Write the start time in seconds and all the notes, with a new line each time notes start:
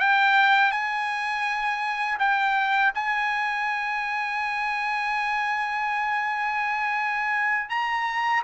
0.00 G5
0.72 G#5
2.19 G5
2.94 G#5
7.69 A#5